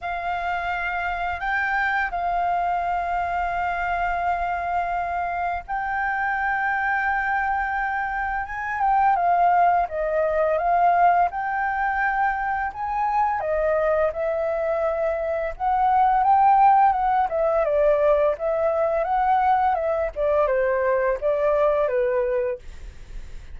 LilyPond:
\new Staff \with { instrumentName = "flute" } { \time 4/4 \tempo 4 = 85 f''2 g''4 f''4~ | f''1 | g''1 | gis''8 g''8 f''4 dis''4 f''4 |
g''2 gis''4 dis''4 | e''2 fis''4 g''4 | fis''8 e''8 d''4 e''4 fis''4 | e''8 d''8 c''4 d''4 b'4 | }